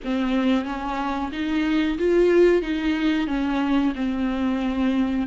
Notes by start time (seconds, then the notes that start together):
0.04 C4
0.65 C#4
1.32 D#4
1.98 F4
2.62 D#4
3.27 C#4
3.95 C4